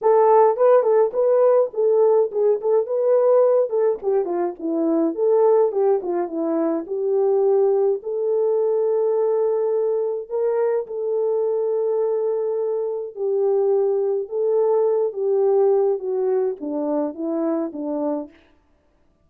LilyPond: \new Staff \with { instrumentName = "horn" } { \time 4/4 \tempo 4 = 105 a'4 b'8 a'8 b'4 a'4 | gis'8 a'8 b'4. a'8 g'8 f'8 | e'4 a'4 g'8 f'8 e'4 | g'2 a'2~ |
a'2 ais'4 a'4~ | a'2. g'4~ | g'4 a'4. g'4. | fis'4 d'4 e'4 d'4 | }